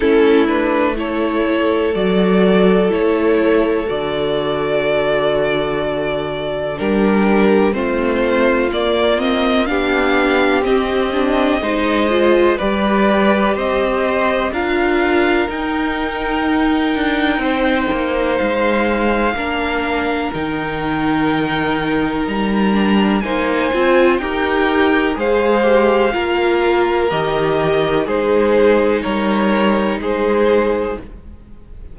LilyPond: <<
  \new Staff \with { instrumentName = "violin" } { \time 4/4 \tempo 4 = 62 a'8 b'8 cis''4 d''4 cis''4 | d''2. ais'4 | c''4 d''8 dis''8 f''4 dis''4~ | dis''4 d''4 dis''4 f''4 |
g''2. f''4~ | f''4 g''2 ais''4 | gis''4 g''4 f''2 | dis''4 c''4 cis''4 c''4 | }
  \new Staff \with { instrumentName = "violin" } { \time 4/4 e'4 a'2.~ | a'2. g'4 | f'2 g'2 | c''4 b'4 c''4 ais'4~ |
ais'2 c''2 | ais'1 | c''4 ais'4 c''4 ais'4~ | ais'4 gis'4 ais'4 gis'4 | }
  \new Staff \with { instrumentName = "viola" } { \time 4/4 cis'8 d'8 e'4 fis'4 e'4 | fis'2. d'4 | c'4 ais8 c'8 d'4 c'8 d'8 | dis'8 f'8 g'2 f'4 |
dis'1 | d'4 dis'2~ dis'8 d'8 | dis'8 f'8 g'4 gis'8 g'8 f'4 | g'4 dis'2. | }
  \new Staff \with { instrumentName = "cello" } { \time 4/4 a2 fis4 a4 | d2. g4 | a4 ais4 b4 c'4 | gis4 g4 c'4 d'4 |
dis'4. d'8 c'8 ais8 gis4 | ais4 dis2 g4 | ais8 c'8 dis'4 gis4 ais4 | dis4 gis4 g4 gis4 | }
>>